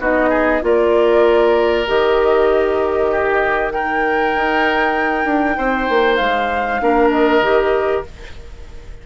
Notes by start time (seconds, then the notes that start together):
0.00 B3 D#4 F#4 D#5
0.30 G#4
0.62 A#3 F4 A#4 D5
1.87 D#3 G4 D#5
3.11 G4
3.72 D#4 A#4 G5
4.35 D#4
5.25 D4
5.58 C4 C5
5.90 A#3
6.17 G#3 F5
6.81 A#3 D4 A#4
7.11 D#5
7.41 D#3 G4